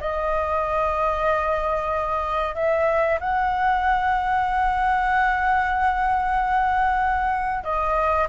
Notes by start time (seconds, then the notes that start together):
0.00 D#5
2.55 E5
3.21 F#5
7.64 D#5